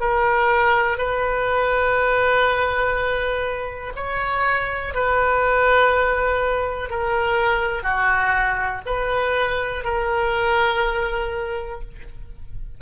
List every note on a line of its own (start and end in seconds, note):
0.00 0.97 A#4
0.97 3.93 B4
3.96 4.94 C#5
4.94 6.89 B4
6.89 7.83 A#4
7.83 8.81 F#4
8.86 9.84 B4
9.84 11.81 A#4